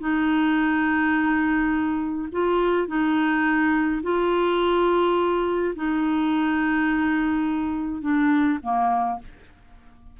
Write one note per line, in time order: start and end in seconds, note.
0.00 2.29 D#4
2.32 2.88 F4
2.88 4.02 D#4
4.03 5.74 F4
5.76 8.02 D#4
8.02 8.59 D4
8.62 9.19 A#3